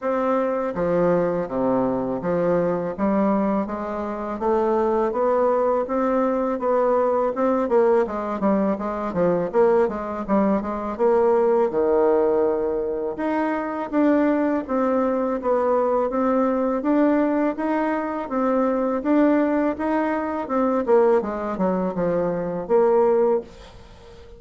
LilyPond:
\new Staff \with { instrumentName = "bassoon" } { \time 4/4 \tempo 4 = 82 c'4 f4 c4 f4 | g4 gis4 a4 b4 | c'4 b4 c'8 ais8 gis8 g8 | gis8 f8 ais8 gis8 g8 gis8 ais4 |
dis2 dis'4 d'4 | c'4 b4 c'4 d'4 | dis'4 c'4 d'4 dis'4 | c'8 ais8 gis8 fis8 f4 ais4 | }